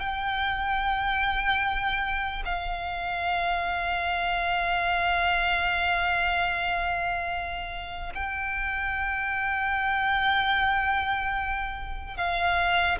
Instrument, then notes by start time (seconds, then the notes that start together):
violin
0.00 G5
2.45 F5
8.14 G5
12.17 F5